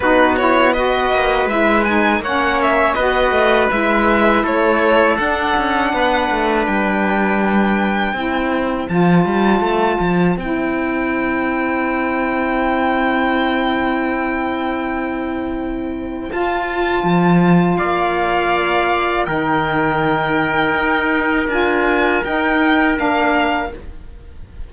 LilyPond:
<<
  \new Staff \with { instrumentName = "violin" } { \time 4/4 \tempo 4 = 81 b'8 cis''8 dis''4 e''8 gis''8 fis''8 e''8 | dis''4 e''4 cis''4 fis''4~ | fis''4 g''2. | a''2 g''2~ |
g''1~ | g''2 a''2 | f''2 g''2~ | g''4 gis''4 g''4 f''4 | }
  \new Staff \with { instrumentName = "trumpet" } { \time 4/4 fis'4 b'2 cis''4 | b'2 a'2 | b'2. c''4~ | c''1~ |
c''1~ | c''1 | d''2 ais'2~ | ais'1 | }
  \new Staff \with { instrumentName = "saxophone" } { \time 4/4 dis'8 e'8 fis'4 e'8 dis'8 cis'4 | fis'4 e'2 d'4~ | d'2. e'4 | f'2 e'2~ |
e'1~ | e'2 f'2~ | f'2 dis'2~ | dis'4 f'4 dis'4 d'4 | }
  \new Staff \with { instrumentName = "cello" } { \time 4/4 b4. ais8 gis4 ais4 | b8 a8 gis4 a4 d'8 cis'8 | b8 a8 g2 c'4 | f8 g8 a8 f8 c'2~ |
c'1~ | c'2 f'4 f4 | ais2 dis2 | dis'4 d'4 dis'4 ais4 | }
>>